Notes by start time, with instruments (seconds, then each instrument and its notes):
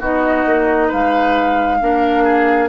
0.00 bassoon B3, clarinet D#4, oboe F#4, flute D#5
0.46 bassoon A#3
0.87 bassoon G#3, oboe B4, flute F5
1.80 bassoon A#3, clarinet D4, oboe A#4
2.24 oboe G#4